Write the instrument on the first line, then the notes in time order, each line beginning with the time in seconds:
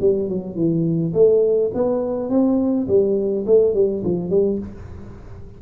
tuba
0.00 G3
0.29 F#3
0.55 E3
1.13 A3
1.74 B3
2.30 C4
2.87 G3
3.46 A3
3.74 G3
4.04 F3
4.30 G3